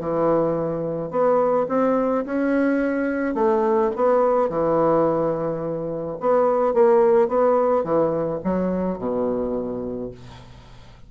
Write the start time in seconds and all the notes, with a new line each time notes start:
0.00 E3
1.11 B3
1.69 C4
2.26 C#4
3.35 A3
3.96 B3
4.50 E3
6.20 B3
6.74 A#3
7.28 B3
7.84 E3
8.44 F#3
8.99 B2